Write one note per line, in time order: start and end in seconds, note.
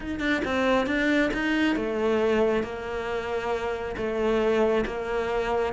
0.00 0.19 D#4
0.19 0.41 D4
0.45 0.86 C4
0.86 1.30 D4
1.33 1.76 D#4
1.76 2.63 A3
2.63 3.95 A#3
3.96 4.84 A3
4.86 5.73 A#3